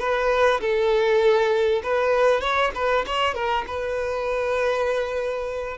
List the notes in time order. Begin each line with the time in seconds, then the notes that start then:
0.00 B4
0.61 A4
1.83 B4
2.41 C#5
2.75 B4
3.06 C#5
3.35 A#4
3.67 B4